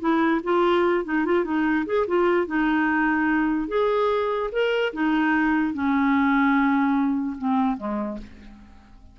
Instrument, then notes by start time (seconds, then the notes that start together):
clarinet
0.00 E4
0.44 F4
1.05 D#4
1.25 F4
1.45 D#4
1.86 G#4
2.07 F4
2.47 D#4
3.68 G#4
4.52 A#4
4.93 D#4
5.74 C#4
7.38 C4
7.78 G#3